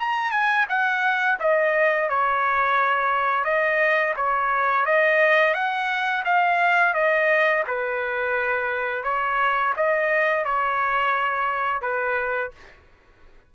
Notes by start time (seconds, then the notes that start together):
0.00 A#5
0.31 G#5
0.69 F#5
1.40 D#5
2.10 C#5
3.45 D#5
4.17 C#5
4.86 D#5
5.54 F#5
6.25 F5
6.94 D#5
7.67 B4
9.04 C#5
9.77 D#5
10.45 C#5
11.82 B4